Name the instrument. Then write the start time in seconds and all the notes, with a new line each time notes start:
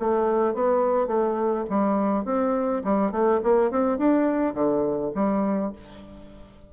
bassoon
0.00 A3
0.54 B3
1.08 A3
1.70 G3
2.25 C4
2.84 G3
3.12 A3
3.44 A#3
3.71 C4
3.98 D4
4.54 D3
5.15 G3